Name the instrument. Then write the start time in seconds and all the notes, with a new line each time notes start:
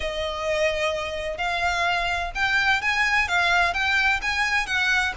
violin
0.00 D#5
1.37 F5
2.35 G5
2.81 G#5
3.27 F5
3.73 G5
4.22 G#5
4.66 F#5